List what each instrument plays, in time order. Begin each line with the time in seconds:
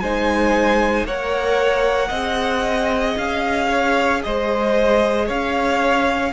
0.00 cello G#3, viola D#4, violin C5 G#5
1.05 cello A#3, viola A#4, violin C#5 F#5
2.08 cello C4, viola G#4, violin D#5
3.17 cello C#4, violin F5
3.69 violin C#5
4.23 cello G#3, violin C5 D#5
5.26 cello C#4, violin C#5 F5